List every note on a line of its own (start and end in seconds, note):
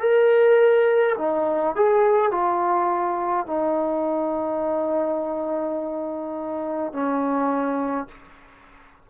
0.00 1.15 A#4
1.18 1.76 D#4
1.76 2.31 G#4
2.31 3.47 F4
3.47 6.93 D#4
6.93 8.08 C#4